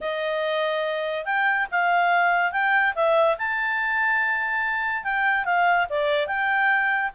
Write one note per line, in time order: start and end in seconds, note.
0.00 1.25 D#5
1.25 1.67 G5
1.71 2.52 F5
2.52 2.94 G5
2.95 3.37 E5
3.37 5.04 A5
5.04 5.45 G5
5.45 5.86 F5
5.89 6.27 D5
6.27 7.11 G5